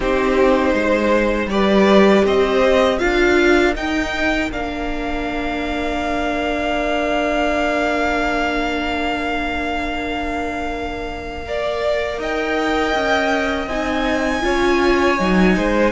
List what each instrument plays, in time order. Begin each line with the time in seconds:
0.00 cello C4, viola D#4, violin G4 C5
0.73 cello G#3, violin C5
1.46 cello G3, viola G4, violin B4 D5
2.25 cello C4, violin C5 D#5
2.98 cello D4, viola F4, violin A#4 F5
3.75 viola D#4, cello D#4, violin G5
4.51 cello A#3, viola D4, violin F5
11.45 viola A#4, violin D5
12.17 cello D#4, violin D#5 G5
12.94 cello C#4
13.67 cello C4, viola D#4, violin G#5
14.42 cello C#4, viola F4, violin C#5
15.18 cello F#3, viola D#4
15.56 cello G#3, violin C5